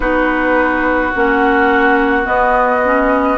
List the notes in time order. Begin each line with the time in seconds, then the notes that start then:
0.00 B3 D#4 F#4 B4
1.15 A#3 C#4 F#5
2.23 B3 D#5
2.84 C#4